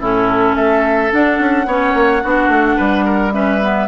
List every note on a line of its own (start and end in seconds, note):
0.00 0.55 A2
0.00 1.11 C#4
0.00 0.56 E4
0.00 0.56 A4
0.55 1.11 A3
0.55 1.67 A4
0.55 1.11 E5
1.11 1.67 D4
1.11 1.39 D4
1.11 3.33 F#5
1.39 1.66 C#4
1.66 1.94 B3
1.66 2.22 C#4
1.66 2.23 C#5
1.94 2.22 A#3
2.23 2.48 B3
2.23 3.32 D4
2.23 2.77 F#4
2.48 2.76 A3
2.77 3.88 G3
2.77 3.04 B4
3.05 3.33 A#4
3.32 3.60 C#4
3.32 3.88 B4
3.32 3.88 E5
3.61 3.88 B3